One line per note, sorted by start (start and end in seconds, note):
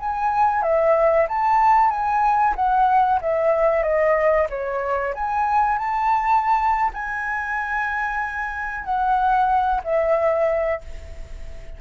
0.00 0.63 G#5
0.63 1.27 E5
1.29 1.90 A5
1.90 2.55 G#5
2.56 3.20 F#5
3.21 3.83 E5
3.83 4.48 D#5
4.50 5.14 C#5
5.15 5.78 G#5
5.78 6.91 A5
6.94 8.85 G#5
8.85 9.82 F#5
9.84 10.81 E5